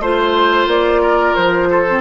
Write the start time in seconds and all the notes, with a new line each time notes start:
0.00 A3 F4 C5
0.67 A#3 D5
1.02 A#4
1.35 F3 C5
1.70 A4
1.87 C4